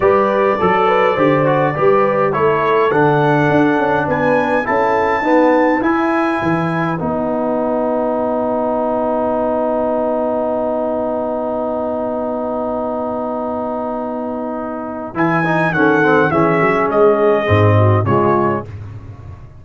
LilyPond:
<<
  \new Staff \with { instrumentName = "trumpet" } { \time 4/4 \tempo 4 = 103 d''1 | cis''4 fis''2 gis''4 | a''2 gis''2 | fis''1~ |
fis''1~ | fis''1~ | fis''2 gis''4 fis''4 | e''4 dis''2 cis''4 | }
  \new Staff \with { instrumentName = "horn" } { \time 4/4 b'4 a'8 b'8 c''4 b'4 | a'2. b'4 | a'4 b'2.~ | b'1~ |
b'1~ | b'1~ | b'2. a'4 | gis'2~ gis'8 fis'8 f'4 | }
  \new Staff \with { instrumentName = "trombone" } { \time 4/4 g'4 a'4 g'8 fis'8 g'4 | e'4 d'2. | e'4 b4 e'2 | dis'1~ |
dis'1~ | dis'1~ | dis'2 e'8 dis'8 cis'8 c'8 | cis'2 c'4 gis4 | }
  \new Staff \with { instrumentName = "tuba" } { \time 4/4 g4 fis4 d4 g4 | a4 d4 d'8 cis'8 b4 | cis'4 dis'4 e'4 e4 | b1~ |
b1~ | b1~ | b2 e4 dis4 | e8 fis8 gis4 gis,4 cis4 | }
>>